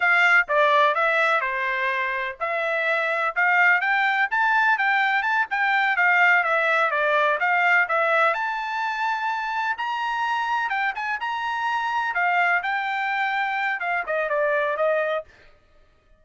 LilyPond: \new Staff \with { instrumentName = "trumpet" } { \time 4/4 \tempo 4 = 126 f''4 d''4 e''4 c''4~ | c''4 e''2 f''4 | g''4 a''4 g''4 a''8 g''8~ | g''8 f''4 e''4 d''4 f''8~ |
f''8 e''4 a''2~ a''8~ | a''8 ais''2 g''8 gis''8 ais''8~ | ais''4. f''4 g''4.~ | g''4 f''8 dis''8 d''4 dis''4 | }